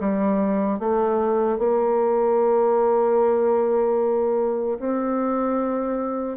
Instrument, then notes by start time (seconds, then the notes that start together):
bassoon
0.00 G3
0.80 A3
1.59 A#3
4.80 C4